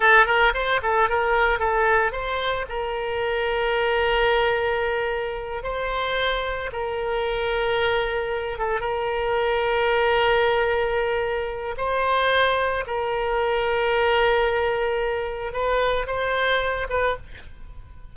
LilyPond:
\new Staff \with { instrumentName = "oboe" } { \time 4/4 \tempo 4 = 112 a'8 ais'8 c''8 a'8 ais'4 a'4 | c''4 ais'2.~ | ais'2~ ais'8 c''4.~ | c''8 ais'2.~ ais'8 |
a'8 ais'2.~ ais'8~ | ais'2 c''2 | ais'1~ | ais'4 b'4 c''4. b'8 | }